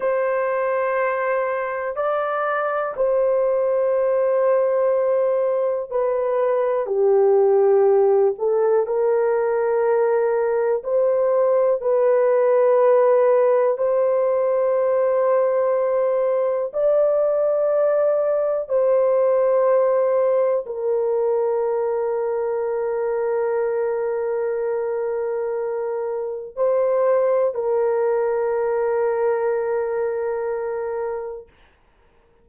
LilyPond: \new Staff \with { instrumentName = "horn" } { \time 4/4 \tempo 4 = 61 c''2 d''4 c''4~ | c''2 b'4 g'4~ | g'8 a'8 ais'2 c''4 | b'2 c''2~ |
c''4 d''2 c''4~ | c''4 ais'2.~ | ais'2. c''4 | ais'1 | }